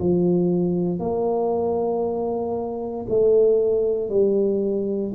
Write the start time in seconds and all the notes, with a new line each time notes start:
0.00 F3
1.00 A#3
3.09 A3
4.10 G3